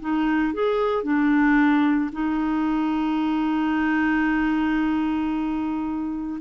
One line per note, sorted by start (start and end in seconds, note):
0.00 0.54 D#4
0.54 1.03 G#4
1.03 2.10 D4
2.12 6.41 D#4